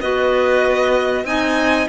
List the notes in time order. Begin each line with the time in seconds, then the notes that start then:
0.00 B3 F#4 B4 D#5
1.24 C4 D#4 D#5 G#5